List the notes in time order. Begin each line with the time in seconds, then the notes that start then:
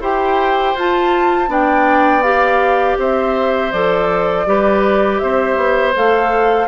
0.00 E4 G4 C5 G5
0.75 F4 A5
1.48 B3 D4 D5 G5
2.23 G4 F5
2.98 C4 C5 E5
3.72 F3 A4 D5
4.46 G3 G4 B4
5.19 C4 C5 E5
5.57 B3
5.95 A3 A4 F5